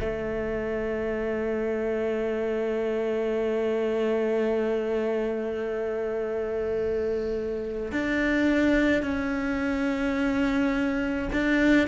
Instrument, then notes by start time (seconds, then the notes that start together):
cello
0.00 A3
7.92 D4
9.03 C#4
11.33 D4